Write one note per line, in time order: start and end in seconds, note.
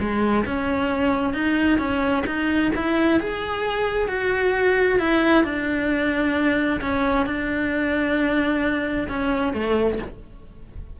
0.00 0.45 G#3
0.46 1.34 C#4
1.34 1.78 D#4
1.78 2.24 C#4
2.26 2.72 D#4
2.75 3.20 E4
3.20 4.08 G#4
4.08 4.99 F#4
4.99 5.44 E4
5.44 6.81 D4
6.81 7.26 C#4
7.26 9.08 D4
9.08 9.54 C#4
9.54 9.99 A3